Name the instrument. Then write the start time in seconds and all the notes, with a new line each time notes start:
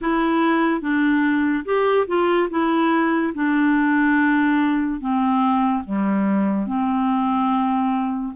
clarinet
0.01 E4
0.81 D4
1.65 G4
2.07 F4
2.50 E4
3.34 D4
5.00 C4
5.84 G3
6.67 C4